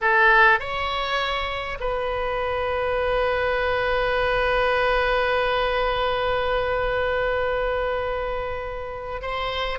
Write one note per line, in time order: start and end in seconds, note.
0.01 0.59 A4
0.59 1.78 C#5
1.80 9.21 B4
9.21 9.78 C5